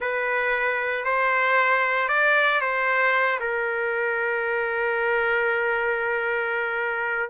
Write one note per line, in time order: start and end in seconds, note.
0.00 1.04 B4
1.04 2.08 C5
2.08 2.60 D5
2.61 3.39 C5
3.40 7.29 A#4